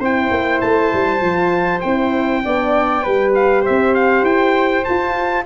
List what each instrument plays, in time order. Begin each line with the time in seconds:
0.00 tuba C4, horn E4, flute C5, trumpet G5
0.31 tuba A#3
0.61 tuba A3, trumpet A5
0.94 tuba G3
1.21 tuba F3, horn F4
1.81 tuba C4, horn E4, trumpet G5
2.44 tuba B3, horn D4, flute D5
3.03 tuba G3, horn G4, flute B4
3.35 trumpet F5
3.62 flute C5, trumpet E5
3.69 tuba C4
3.95 trumpet F5
4.23 tuba E4, trumpet G5
4.85 horn F4, tuba F4, trumpet A5